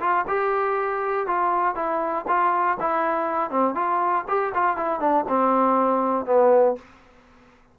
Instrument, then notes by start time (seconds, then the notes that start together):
trombone
0.00 F4
0.27 G4
1.26 F4
1.75 E4
2.27 F4
2.80 E4
3.50 C4
3.75 F4
4.28 G4
4.54 F4
4.77 E4
5.00 D4
5.28 C4
6.25 B3